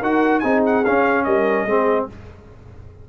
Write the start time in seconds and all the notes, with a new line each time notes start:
0.00 D#4 F#4 A#4 F#5
0.39 C4 D#4 G#4 G#5
0.65 F#5
0.84 C#4 F5
1.23 G3 A#4 D#5
1.65 G#3 C4 G#4